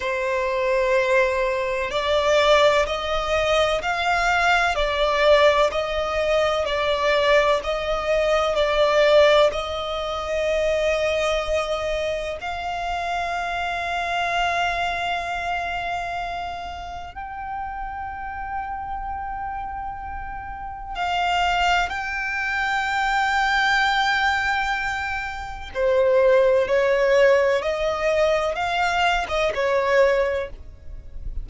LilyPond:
\new Staff \with { instrumentName = "violin" } { \time 4/4 \tempo 4 = 63 c''2 d''4 dis''4 | f''4 d''4 dis''4 d''4 | dis''4 d''4 dis''2~ | dis''4 f''2.~ |
f''2 g''2~ | g''2 f''4 g''4~ | g''2. c''4 | cis''4 dis''4 f''8. dis''16 cis''4 | }